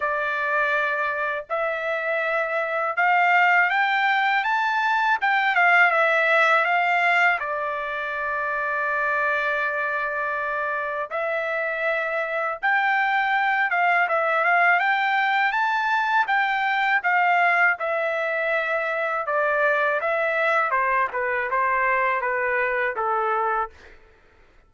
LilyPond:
\new Staff \with { instrumentName = "trumpet" } { \time 4/4 \tempo 4 = 81 d''2 e''2 | f''4 g''4 a''4 g''8 f''8 | e''4 f''4 d''2~ | d''2. e''4~ |
e''4 g''4. f''8 e''8 f''8 | g''4 a''4 g''4 f''4 | e''2 d''4 e''4 | c''8 b'8 c''4 b'4 a'4 | }